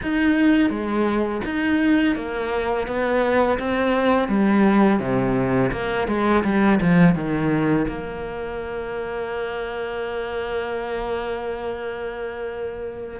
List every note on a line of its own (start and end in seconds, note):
0.02 0.69 D#4
0.69 1.41 G#3
1.44 2.15 D#4
2.15 2.87 A#3
2.87 3.58 B3
3.58 4.28 C4
4.28 4.99 G3
4.99 5.71 C3
5.71 6.07 A#3
6.07 6.43 G#3
6.44 6.79 G3
6.81 7.14 F3
7.14 7.86 D#3
7.88 13.19 A#3